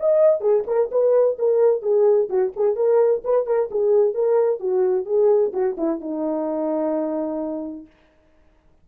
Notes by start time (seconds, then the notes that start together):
0.00 D#5
0.40 G#4
0.67 A#4
0.91 B4
1.39 A#4
1.82 G#4
2.29 F#4
2.56 G#4
2.76 A#4
3.24 B4
3.46 A#4
3.71 G#4
4.14 A#4
4.60 F#4
5.05 G#4
5.53 F#4
5.77 E4
6.01 D#4